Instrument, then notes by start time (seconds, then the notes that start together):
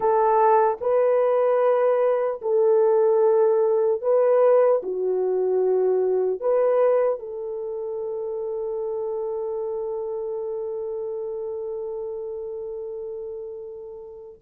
horn
0.00 A4
0.80 B4
2.41 A4
4.01 B4
4.82 F#4
6.40 B4
7.19 A4